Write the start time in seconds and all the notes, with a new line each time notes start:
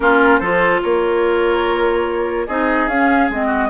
0.00 A#3 C#4 F4 A#4
0.39 F3 F4 A4 C5
0.82 A#3 A#4 C#5
2.47 C4 D#4 G#4 D#5
2.87 C#4 F5
3.29 G#3 C4 D#5
3.46 F#4